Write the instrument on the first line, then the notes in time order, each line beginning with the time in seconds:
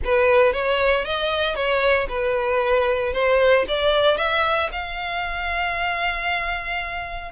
violin
0.04 B4
0.52 C#5
1.05 D#5
1.55 C#5
2.08 B4
3.13 C5
3.68 D5
4.17 E5
4.71 F5